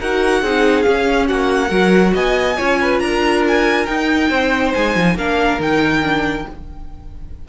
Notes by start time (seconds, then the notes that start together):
0.00 D#4 F#4 A#4 F#5
0.42 C4 D#4 G#4
0.83 C#4 F5
1.28 A#3 F#4 F#5
1.69 F#3 F#4 A#4
2.14 B3 D#5 G#5
2.57 C#4 F4 C#5
2.81 B4
3.00 D4 A#4 A#5
3.48 G#5
3.86 D#4 G5
4.30 C4 C5
4.74 G#3 G#5
4.96 F3
5.15 A#3 D4 A#4 F5
5.59 D#3 D#4 G5
6.03 D4